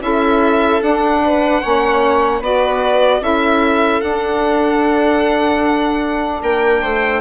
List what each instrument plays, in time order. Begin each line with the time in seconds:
0.00 bassoon C#4, saxophone E4, viola A4, violin E5
0.81 bassoon D4, saxophone D4, violin F#5
1.24 viola B4
1.61 bassoon A#3, saxophone C#4, viola C#5
2.40 bassoon B3, saxophone F#4, viola B4, violin D5
3.20 bassoon C#4, saxophone E4, viola A4, violin E5
4.01 bassoon D4, saxophone D4, violin F#5
6.42 bassoon A#3, viola A#4, violin G5
6.82 bassoon A3, viola C5